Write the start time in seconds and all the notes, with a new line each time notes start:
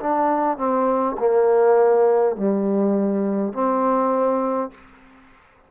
0.00 D4
0.58 C4
1.20 A#3
2.37 G3
3.53 C4